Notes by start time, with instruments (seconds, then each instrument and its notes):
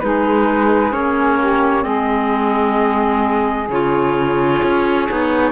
0.00 cello G#3, clarinet D#4, saxophone G#4, flute B4
0.92 cello A#3, clarinet C#4, flute C#5
1.39 saxophone G4
1.82 cello G#3, clarinet C4, saxophone G#4, flute D#5
3.69 cello C#3, clarinet F4, flute C#5
4.63 cello C#4
5.09 cello B3, clarinet D#4